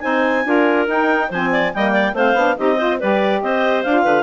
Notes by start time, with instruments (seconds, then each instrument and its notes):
0.00 bassoon C4, saxophone D#4, clarinet C5 G#5
0.44 bassoon D4, saxophone F4, clarinet A#4
0.87 bassoon D#4, saxophone D#4, clarinet G5
1.29 bassoon F3, saxophone C4, clarinet C5 G#5
1.52 clarinet D5
1.73 bassoon G3, saxophone A#3, clarinet D#5 G5
1.92 clarinet D5
2.13 bassoon A3, saxophone C4, clarinet C5 F5
2.34 bassoon B3, saxophone D4
2.57 bassoon C4, saxophone D#4, clarinet G4 D#5
2.76 saxophone F4, clarinet C5
2.99 bassoon G3, saxophone G4, clarinet B4 D5
3.42 bassoon C4, clarinet C5 D#5
3.83 bassoon D4, saxophone F4, clarinet F5
4.03 bassoon D3, clarinet B4